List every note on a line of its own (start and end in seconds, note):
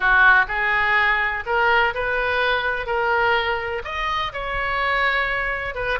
0.00 0.45 F#4
0.48 1.44 G#4
1.46 1.94 A#4
1.94 2.86 B4
2.86 3.82 A#4
3.84 4.32 D#5
4.32 5.75 C#5
5.75 5.99 B4